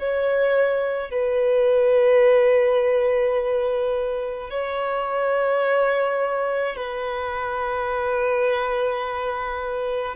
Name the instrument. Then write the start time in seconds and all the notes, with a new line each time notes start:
violin
0.00 C#5
1.11 B4
4.50 C#5
6.77 B4